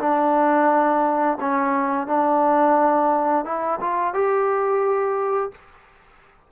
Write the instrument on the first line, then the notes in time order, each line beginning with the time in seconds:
trombone
0.00 D4
1.40 C#4
2.07 D4
3.45 E4
3.81 F4
4.14 G4